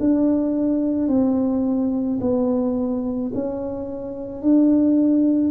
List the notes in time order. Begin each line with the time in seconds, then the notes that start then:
0.00 D4
1.08 C4
2.21 B3
3.34 C#4
4.42 D4